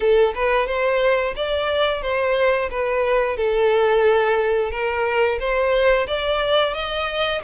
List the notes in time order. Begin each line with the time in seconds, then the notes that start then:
0.00 A4
0.34 B4
0.66 C5
1.35 D5
2.02 C5
2.70 B4
3.36 A4
4.71 A#4
5.39 C5
6.07 D5
6.74 D#5